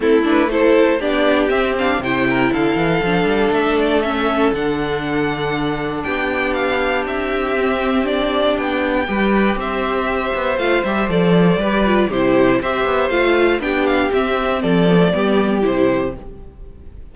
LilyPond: <<
  \new Staff \with { instrumentName = "violin" } { \time 4/4 \tempo 4 = 119 a'8 b'8 c''4 d''4 e''8 f''8 | g''4 f''2 e''8 d''8 | e''4 fis''2. | g''4 f''4 e''2 |
d''4 g''2 e''4~ | e''4 f''8 e''8 d''2 | c''4 e''4 f''4 g''8 f''8 | e''4 d''2 c''4 | }
  \new Staff \with { instrumentName = "violin" } { \time 4/4 e'4 a'4 g'2 | c''8 ais'8 a'2.~ | a'1 | g'1~ |
g'2 b'4 c''4~ | c''2. b'4 | g'4 c''2 g'4~ | g'4 a'4 g'2 | }
  \new Staff \with { instrumentName = "viola" } { \time 4/4 c'8 d'8 e'4 d'4 c'8 d'8 | e'2 d'2 | cis'4 d'2.~ | d'2. c'4 |
d'2 g'2~ | g'4 f'8 g'8 a'4 g'8 f'8 | e'4 g'4 f'4 d'4 | c'4. b16 a16 b4 e'4 | }
  \new Staff \with { instrumentName = "cello" } { \time 4/4 a2 b4 c'4 | c4 d8 e8 f8 g8 a4~ | a4 d2. | b2 c'2~ |
c'4 b4 g4 c'4~ | c'8 b8 a8 g8 f4 g4 | c4 c'8 b8 a4 b4 | c'4 f4 g4 c4 | }
>>